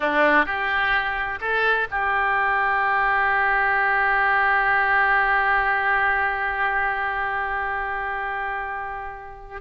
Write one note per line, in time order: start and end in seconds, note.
0.00 0.45 D4
0.45 1.39 G4
1.40 1.87 A4
1.90 9.61 G4